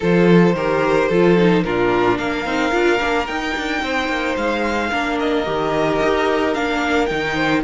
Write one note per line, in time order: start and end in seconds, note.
0.00 0.54 F3
0.00 0.55 F4
0.00 0.55 A4
0.00 1.63 C5
0.54 1.08 D#3
0.54 1.11 G4
0.54 1.09 A#4
1.09 1.64 F3
1.09 1.37 F4
1.09 1.63 A4
1.37 1.64 D#4
1.63 2.18 A#2
1.63 2.45 D4
1.63 2.18 F4
1.63 2.18 A#4
2.18 2.45 A#3
2.18 3.82 A#4
2.18 3.26 F5
2.45 2.72 C4
2.45 2.71 D#4
2.71 3.00 D4
2.71 2.98 F4
2.98 3.28 A#3
2.98 3.26 D4
3.26 4.91 D#4
3.26 3.56 D#4
3.26 4.35 G5
3.56 3.82 D4
3.82 4.08 C4
3.82 4.90 C5
4.08 4.35 A#3
4.36 4.91 G#3
4.36 5.18 F5
4.90 5.46 A#3
4.90 5.45 D4
4.90 7.35 A#4
5.19 6.54 D#5
5.45 6.01 D#3
5.45 6.54 G4
6.02 6.56 D#4
6.54 7.10 A#3
6.54 7.08 D4
6.54 7.06 F5
7.06 7.63 D#3
7.06 7.63 D#4
7.06 7.61 G5
7.35 7.62 C5